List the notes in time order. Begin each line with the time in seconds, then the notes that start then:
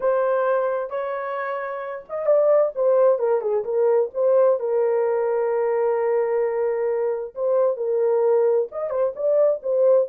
0.00 C5
0.90 C#5
2.09 D#5
2.26 D5
2.75 C5
3.18 A#4
3.41 G#4
3.64 A#4
4.14 C5
4.59 A#4
7.34 C5
7.76 A#4
8.71 D#5
8.90 C5
9.15 D5
9.62 C5